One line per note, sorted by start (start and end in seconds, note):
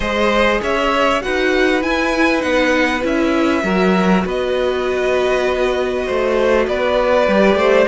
0.00 0.60 G#3
0.00 1.20 G#4
0.00 0.60 C5
0.00 0.61 D#5
0.62 1.23 C#4
0.62 1.22 C#5
0.62 1.22 E5
1.20 1.83 D#4
1.20 1.81 F#4
1.20 3.63 B4
1.20 1.82 F#5
1.81 2.38 E4
1.81 2.43 E4
1.81 2.41 G#5
2.38 3.04 B3
2.38 2.99 D#4
2.38 3.02 F#5
3.02 3.63 C#4
3.02 3.62 E4
3.02 4.27 E5
3.62 4.24 F#3
3.62 7.26 F#4
3.62 4.24 A#4
4.25 6.07 B3
4.25 6.06 B4
4.25 6.68 D#5
6.06 6.67 A3
6.06 6.66 C5
6.67 7.28 B3
6.67 7.57 B4
6.67 7.87 D5
7.28 7.55 G3
7.28 7.87 G4
7.55 7.85 A3
7.55 7.87 C5